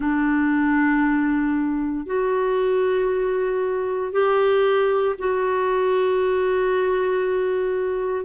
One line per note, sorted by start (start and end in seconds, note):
0.00 2.05 D4
2.05 4.12 F#4
4.12 5.15 G4
5.18 8.25 F#4